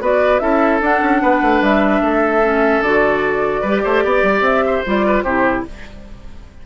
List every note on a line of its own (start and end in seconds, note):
0.00 0.40 B3
0.00 0.40 F#4
0.00 0.41 B4
0.00 0.39 D5
0.39 0.81 C#4
0.39 0.80 E4
0.39 1.22 A4
0.39 0.79 E5
0.81 1.01 D4
0.81 2.43 D4
0.81 1.63 F#5
1.01 1.21 C#4
1.22 1.42 B3
1.22 2.02 B4
1.42 1.61 A3
1.61 2.01 G3
1.61 2.82 E5
2.01 2.81 A3
2.01 3.61 A4
2.43 2.83 C#4
2.81 3.61 D3
2.81 3.65 F#4
2.81 4.43 D5
3.61 3.83 G3
3.61 4.86 G4
3.61 3.81 B4
3.83 4.04 A3
3.83 4.04 C5
4.04 4.22 B3
4.04 4.65 D5
4.22 4.40 G3
4.40 4.80 C4
4.40 4.84 E5
4.66 5.06 C5
4.86 5.23 G3
4.86 5.25 F4
4.86 5.23 D5
5.06 5.23 B4
5.23 5.63 C3
5.23 5.66 E4
5.23 5.64 G4
5.23 5.63 C5